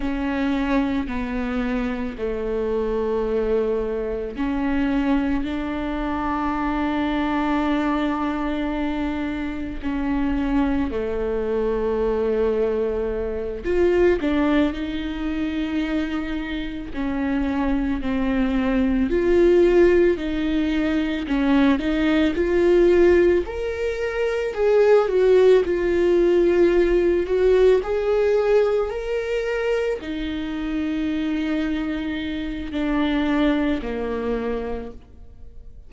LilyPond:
\new Staff \with { instrumentName = "viola" } { \time 4/4 \tempo 4 = 55 cis'4 b4 a2 | cis'4 d'2.~ | d'4 cis'4 a2~ | a8 f'8 d'8 dis'2 cis'8~ |
cis'8 c'4 f'4 dis'4 cis'8 | dis'8 f'4 ais'4 gis'8 fis'8 f'8~ | f'4 fis'8 gis'4 ais'4 dis'8~ | dis'2 d'4 ais4 | }